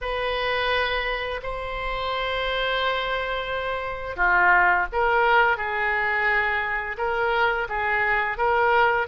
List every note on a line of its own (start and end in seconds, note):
0.01 1.40 B4
1.42 4.16 C5
4.16 4.86 F4
4.92 5.57 A#4
5.57 6.96 G#4
6.97 7.67 A#4
7.68 8.37 G#4
8.37 9.07 A#4